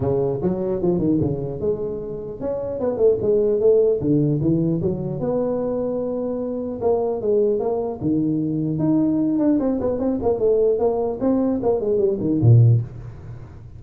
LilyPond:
\new Staff \with { instrumentName = "tuba" } { \time 4/4 \tempo 4 = 150 cis4 fis4 f8 dis8 cis4 | gis2 cis'4 b8 a8 | gis4 a4 d4 e4 | fis4 b2.~ |
b4 ais4 gis4 ais4 | dis2 dis'4. d'8 | c'8 b8 c'8 ais8 a4 ais4 | c'4 ais8 gis8 g8 dis8 ais,4 | }